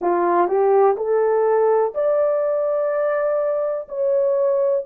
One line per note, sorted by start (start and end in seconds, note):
0.00 0.47 F4
0.47 0.95 G4
0.96 1.93 A4
1.94 3.88 D5
3.88 4.85 C#5